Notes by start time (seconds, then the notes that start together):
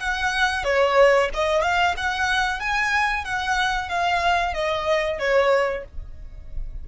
0.00 F#5
0.64 C#5
1.34 D#5
1.62 F5
1.97 F#5
2.60 G#5
3.25 F#5
3.89 F5
4.54 D#5
5.19 C#5